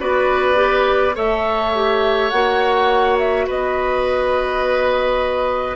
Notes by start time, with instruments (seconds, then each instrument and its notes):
0.00 bassoon B3, clarinet F#4, oboe B4, flute D5
0.55 clarinet G4
1.15 bassoon A3, clarinet A4, oboe C#5, flute E5
1.75 clarinet G4
2.30 bassoon A#3, clarinet F#4, flute F#5
3.19 flute E5
3.47 bassoon B3, oboe B4, flute D#5